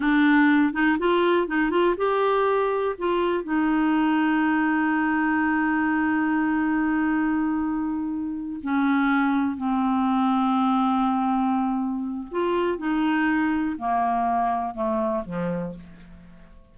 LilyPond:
\new Staff \with { instrumentName = "clarinet" } { \time 4/4 \tempo 4 = 122 d'4. dis'8 f'4 dis'8 f'8 | g'2 f'4 dis'4~ | dis'1~ | dis'1~ |
dis'4. cis'2 c'8~ | c'1~ | c'4 f'4 dis'2 | ais2 a4 f4 | }